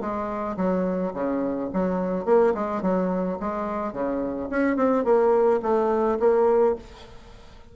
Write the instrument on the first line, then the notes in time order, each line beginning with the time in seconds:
bassoon
0.00 G#3
0.56 F#3
1.13 C#3
1.73 F#3
2.25 A#3
2.54 G#3
2.82 F#3
3.40 G#3
3.92 C#3
4.50 C#4
4.76 C4
5.04 A#3
5.62 A3
6.19 A#3